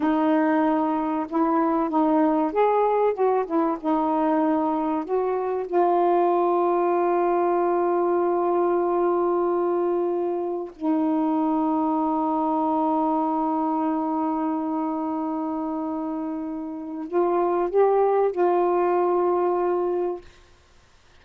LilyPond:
\new Staff \with { instrumentName = "saxophone" } { \time 4/4 \tempo 4 = 95 dis'2 e'4 dis'4 | gis'4 fis'8 e'8 dis'2 | fis'4 f'2.~ | f'1~ |
f'4 dis'2.~ | dis'1~ | dis'2. f'4 | g'4 f'2. | }